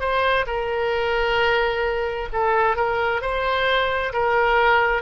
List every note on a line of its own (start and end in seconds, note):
0.00 0.45 C5
0.47 2.29 A#4
2.33 2.76 A4
2.76 3.21 A#4
3.21 4.12 C5
4.13 5.02 A#4